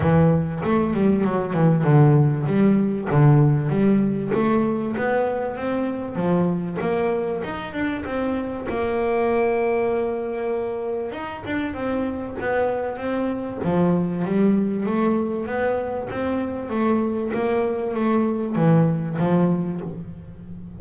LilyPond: \new Staff \with { instrumentName = "double bass" } { \time 4/4 \tempo 4 = 97 e4 a8 g8 fis8 e8 d4 | g4 d4 g4 a4 | b4 c'4 f4 ais4 | dis'8 d'8 c'4 ais2~ |
ais2 dis'8 d'8 c'4 | b4 c'4 f4 g4 | a4 b4 c'4 a4 | ais4 a4 e4 f4 | }